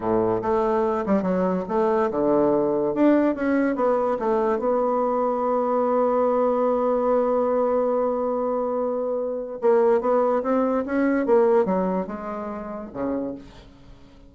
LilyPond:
\new Staff \with { instrumentName = "bassoon" } { \time 4/4 \tempo 4 = 144 a,4 a4. g8 fis4 | a4 d2 d'4 | cis'4 b4 a4 b4~ | b1~ |
b1~ | b2. ais4 | b4 c'4 cis'4 ais4 | fis4 gis2 cis4 | }